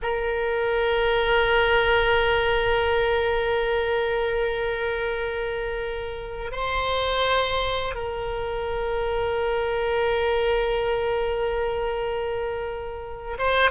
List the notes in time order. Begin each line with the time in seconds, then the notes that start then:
0.02 A#4
6.51 C5
7.95 A#4
13.38 C5